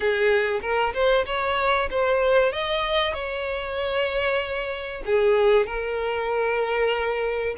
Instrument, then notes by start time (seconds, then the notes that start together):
violin
0.00 G#4
0.61 A#4
0.93 C5
1.26 C#5
1.90 C5
2.52 D#5
3.13 C#5
5.05 G#4
5.66 A#4